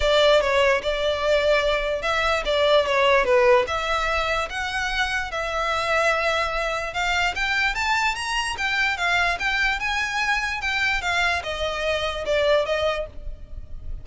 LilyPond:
\new Staff \with { instrumentName = "violin" } { \time 4/4 \tempo 4 = 147 d''4 cis''4 d''2~ | d''4 e''4 d''4 cis''4 | b'4 e''2 fis''4~ | fis''4 e''2.~ |
e''4 f''4 g''4 a''4 | ais''4 g''4 f''4 g''4 | gis''2 g''4 f''4 | dis''2 d''4 dis''4 | }